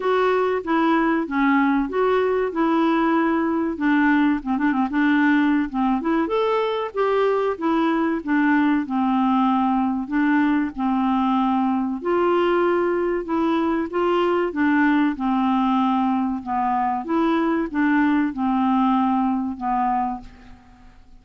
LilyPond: \new Staff \with { instrumentName = "clarinet" } { \time 4/4 \tempo 4 = 95 fis'4 e'4 cis'4 fis'4 | e'2 d'4 c'16 d'16 c'16 d'16~ | d'4 c'8 e'8 a'4 g'4 | e'4 d'4 c'2 |
d'4 c'2 f'4~ | f'4 e'4 f'4 d'4 | c'2 b4 e'4 | d'4 c'2 b4 | }